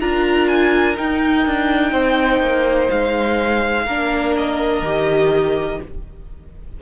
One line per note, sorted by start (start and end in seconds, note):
0.00 0.97 D4
0.00 0.95 F4
0.00 1.91 A#4
0.00 0.48 A#5
0.48 0.96 G#5
0.95 3.86 D#4
0.95 1.46 D#4
0.95 2.89 G5
1.46 1.91 D4
1.91 2.40 C4
1.91 3.84 C5
2.40 2.88 A#3
2.89 3.86 G#3
2.89 4.34 F5
3.84 4.81 A#3
3.84 4.84 D4
3.84 5.78 A#4
4.36 5.81 D#5
4.81 5.78 D#3
4.81 5.81 G4